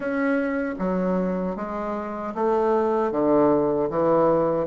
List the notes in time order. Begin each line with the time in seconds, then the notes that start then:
0.00 C#4
0.78 F#3
1.56 G#3
2.34 A3
3.11 D3
3.90 E3